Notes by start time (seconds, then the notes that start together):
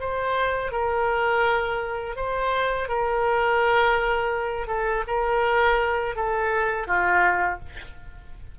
0.00 C5
0.72 A#4
2.16 C5
2.88 A#4
4.67 A4
5.07 A#4
6.16 A4
6.87 F4